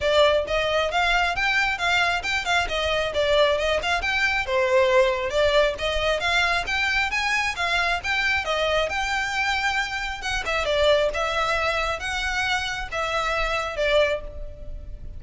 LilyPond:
\new Staff \with { instrumentName = "violin" } { \time 4/4 \tempo 4 = 135 d''4 dis''4 f''4 g''4 | f''4 g''8 f''8 dis''4 d''4 | dis''8 f''8 g''4 c''2 | d''4 dis''4 f''4 g''4 |
gis''4 f''4 g''4 dis''4 | g''2. fis''8 e''8 | d''4 e''2 fis''4~ | fis''4 e''2 d''4 | }